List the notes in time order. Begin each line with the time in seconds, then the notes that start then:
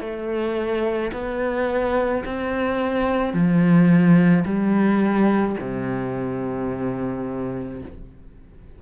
0.00 A3
1.13 B3
2.25 C4
3.33 F3
4.45 G3
5.60 C3